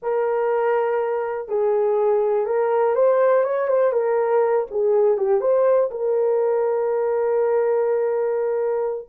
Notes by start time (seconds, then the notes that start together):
0.02 A#4
1.48 G#4
2.46 A#4
2.95 C5
3.44 C#5
3.68 C5
3.92 A#4
4.71 G#4
5.17 G4
5.41 C5
5.91 A#4